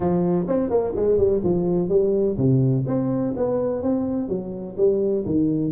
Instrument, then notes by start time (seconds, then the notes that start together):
tuba
0.00 F3
0.47 C4
0.69 A#3
0.95 G#3
1.17 G3
1.43 F3
1.88 G3
2.37 C3
2.86 C4
3.36 B3
3.82 C4
4.28 F#3
4.77 G3
5.25 D#3